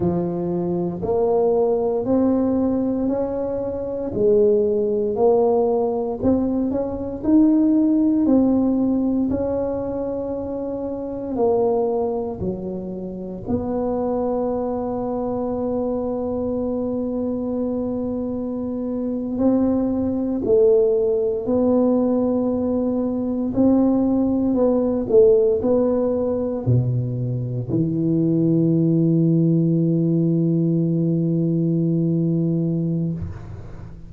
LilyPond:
\new Staff \with { instrumentName = "tuba" } { \time 4/4 \tempo 4 = 58 f4 ais4 c'4 cis'4 | gis4 ais4 c'8 cis'8 dis'4 | c'4 cis'2 ais4 | fis4 b2.~ |
b2~ b8. c'4 a16~ | a8. b2 c'4 b16~ | b16 a8 b4 b,4 e4~ e16~ | e1 | }